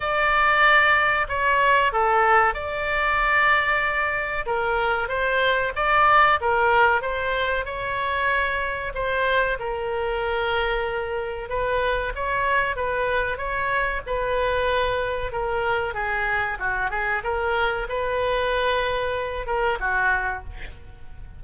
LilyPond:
\new Staff \with { instrumentName = "oboe" } { \time 4/4 \tempo 4 = 94 d''2 cis''4 a'4 | d''2. ais'4 | c''4 d''4 ais'4 c''4 | cis''2 c''4 ais'4~ |
ais'2 b'4 cis''4 | b'4 cis''4 b'2 | ais'4 gis'4 fis'8 gis'8 ais'4 | b'2~ b'8 ais'8 fis'4 | }